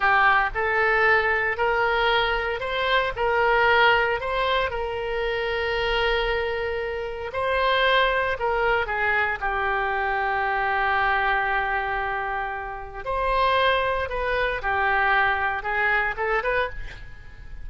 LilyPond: \new Staff \with { instrumentName = "oboe" } { \time 4/4 \tempo 4 = 115 g'4 a'2 ais'4~ | ais'4 c''4 ais'2 | c''4 ais'2.~ | ais'2 c''2 |
ais'4 gis'4 g'2~ | g'1~ | g'4 c''2 b'4 | g'2 gis'4 a'8 b'8 | }